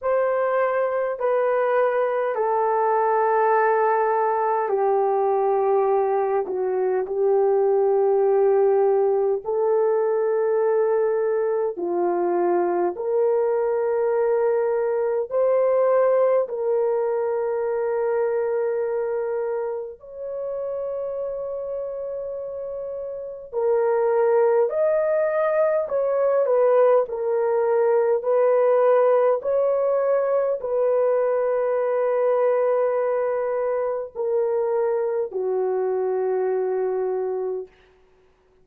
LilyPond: \new Staff \with { instrumentName = "horn" } { \time 4/4 \tempo 4 = 51 c''4 b'4 a'2 | g'4. fis'8 g'2 | a'2 f'4 ais'4~ | ais'4 c''4 ais'2~ |
ais'4 cis''2. | ais'4 dis''4 cis''8 b'8 ais'4 | b'4 cis''4 b'2~ | b'4 ais'4 fis'2 | }